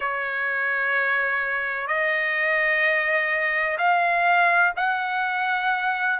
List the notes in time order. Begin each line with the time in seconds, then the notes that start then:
0.00 C#5
1.87 D#5
3.77 F5
4.76 F#5